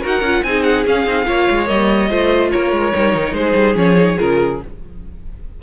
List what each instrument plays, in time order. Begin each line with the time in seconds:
0.00 cello D#4, viola F#4, violin A#4
0.06 violin F#5
0.21 cello C#4, viola F4
0.43 cello C4, viola D#4, violin G#4 G#5
0.62 violin F#5
0.85 viola C#4, cello C#4, violin F5
1.06 cello C4, viola D#4
1.25 cello A#3, viola F4, violin C#5
1.50 cello G#3
1.66 cello G3, viola A#3, violin D#5
2.09 cello A3, viola F4, violin C5
2.51 cello A#3, violin A#4 C#5
2.72 cello G#3
2.92 cello G3, viola D#4
3.14 cello D#3
3.32 cello G#3, violin G#4 C5
3.54 cello G3
3.75 cello F3, viola C#4, violin C#5
3.96 viola D#4
4.17 cello C#3, viola F4, violin A#4